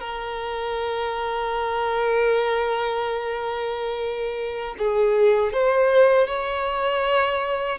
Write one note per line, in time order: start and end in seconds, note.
0.00 4.75 A#4
4.78 5.53 G#4
5.53 6.27 C5
6.27 7.78 C#5